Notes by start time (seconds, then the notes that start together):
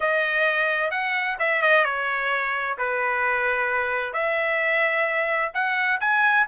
0.00 D#5
0.91 F#5
1.39 E5
1.62 D#5
1.84 C#5
2.78 B4
4.13 E5
5.53 F#5
6.00 G#5